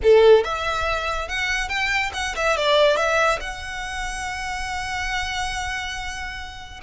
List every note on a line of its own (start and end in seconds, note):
0.02 0.44 A4
0.44 1.28 E5
1.28 1.68 F#5
1.68 2.11 G5
2.13 2.35 F#5
2.35 2.56 E5
2.56 2.96 D5
2.96 3.39 E5
3.40 6.80 F#5